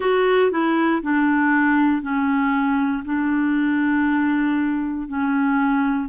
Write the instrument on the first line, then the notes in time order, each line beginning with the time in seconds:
clarinet
0.00 F#4
0.51 E4
1.02 D4
2.02 C#4
3.04 D4
5.08 C#4